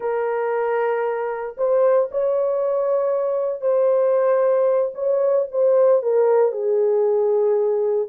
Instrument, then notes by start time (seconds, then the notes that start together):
horn
0.00 A#4
1.57 C5
2.11 C#5
3.61 C5
4.94 C#5
5.51 C5
6.02 A#4
6.51 G#4